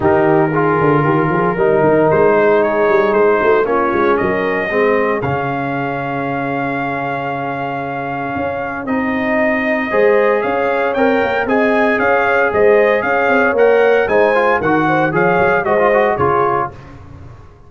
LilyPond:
<<
  \new Staff \with { instrumentName = "trumpet" } { \time 4/4 \tempo 4 = 115 ais'1 | c''4 cis''4 c''4 cis''4 | dis''2 f''2~ | f''1~ |
f''4 dis''2. | f''4 g''4 gis''4 f''4 | dis''4 f''4 fis''4 gis''4 | fis''4 f''4 dis''4 cis''4 | }
  \new Staff \with { instrumentName = "horn" } { \time 4/4 g'4 gis'4 g'8 gis'8 ais'4~ | ais'8 gis'2 fis'8 f'4 | ais'4 gis'2.~ | gis'1~ |
gis'2. c''4 | cis''2 dis''4 cis''4 | c''4 cis''2 c''4 | ais'8 c''8 cis''4 c''4 gis'4 | }
  \new Staff \with { instrumentName = "trombone" } { \time 4/4 dis'4 f'2 dis'4~ | dis'2. cis'4~ | cis'4 c'4 cis'2~ | cis'1~ |
cis'4 dis'2 gis'4~ | gis'4 ais'4 gis'2~ | gis'2 ais'4 dis'8 f'8 | fis'4 gis'4 fis'16 f'16 fis'8 f'4 | }
  \new Staff \with { instrumentName = "tuba" } { \time 4/4 dis4. d8 dis8 f8 g8 dis8 | gis4. g8 gis8 a8 ais8 gis8 | fis4 gis4 cis2~ | cis1 |
cis'4 c'2 gis4 | cis'4 c'8 ais8 c'4 cis'4 | gis4 cis'8 c'8 ais4 gis4 | dis4 f8 fis8 gis4 cis4 | }
>>